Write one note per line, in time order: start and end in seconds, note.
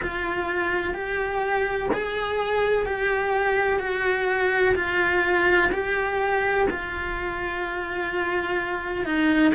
0.02 0.94 F4
0.94 1.89 G4
1.93 2.85 G#4
2.85 3.79 G4
3.79 4.74 F#4
4.75 5.70 F4
5.71 6.67 G4
6.69 9.05 F4
9.05 9.52 D#4